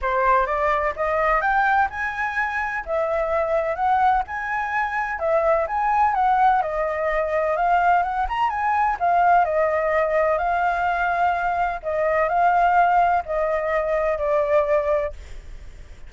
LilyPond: \new Staff \with { instrumentName = "flute" } { \time 4/4 \tempo 4 = 127 c''4 d''4 dis''4 g''4 | gis''2 e''2 | fis''4 gis''2 e''4 | gis''4 fis''4 dis''2 |
f''4 fis''8 ais''8 gis''4 f''4 | dis''2 f''2~ | f''4 dis''4 f''2 | dis''2 d''2 | }